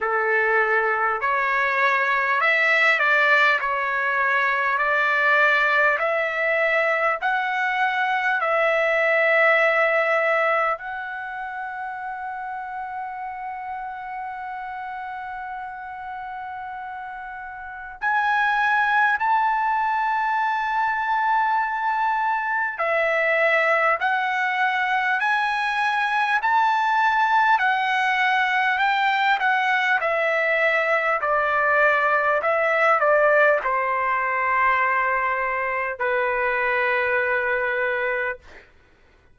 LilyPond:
\new Staff \with { instrumentName = "trumpet" } { \time 4/4 \tempo 4 = 50 a'4 cis''4 e''8 d''8 cis''4 | d''4 e''4 fis''4 e''4~ | e''4 fis''2.~ | fis''2. gis''4 |
a''2. e''4 | fis''4 gis''4 a''4 fis''4 | g''8 fis''8 e''4 d''4 e''8 d''8 | c''2 b'2 | }